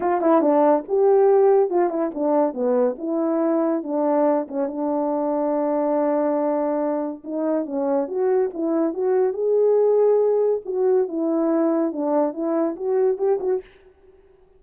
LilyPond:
\new Staff \with { instrumentName = "horn" } { \time 4/4 \tempo 4 = 141 f'8 e'8 d'4 g'2 | f'8 e'8 d'4 b4 e'4~ | e'4 d'4. cis'8 d'4~ | d'1~ |
d'4 dis'4 cis'4 fis'4 | e'4 fis'4 gis'2~ | gis'4 fis'4 e'2 | d'4 e'4 fis'4 g'8 fis'8 | }